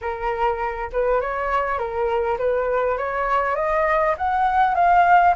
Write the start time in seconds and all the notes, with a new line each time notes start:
0.01 A#4
0.92 B4
1.20 C#5
1.78 A#4
2.38 B4
2.97 C#5
3.55 D#5
4.17 F#5
4.74 F5